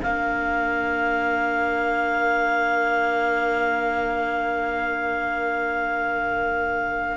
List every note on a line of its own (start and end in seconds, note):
0.00 7.17 A#3
0.00 7.17 D4
0.00 7.17 A#4
0.00 7.17 F5